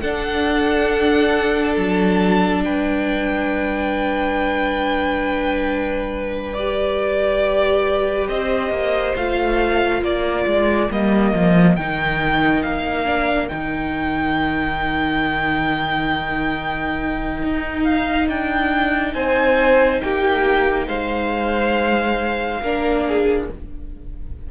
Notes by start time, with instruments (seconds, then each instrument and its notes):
0.00 cello D4, viola D4, violin A4 F#5
1.75 cello F#3, violin A5
2.63 cello G3, violin B4 G5
6.53 viola G4, violin D5
8.28 cello C4, violin C5 D#5
8.70 cello A#3
9.16 cello A3, viola F4, violin F5
10.02 cello A#3, violin A#4 D5
10.46 cello G#3
10.90 cello G3, viola A#3, violin D#5
11.33 cello F3
11.76 cello D#3, viola D#4, violin G5
12.62 cello A#3, violin F5
13.05 viola D4
13.48 cello D#3, viola D#4, violin G5
17.43 cello D#4
17.84 violin F5
18.28 cello D4, violin G5
19.14 cello C4, violin C5 G#5
20.01 cello A#3, violin G4 G5
20.87 cello G#3, violin C5 F5
22.61 cello A#3, viola D4, violin A#4
23.07 violin G#4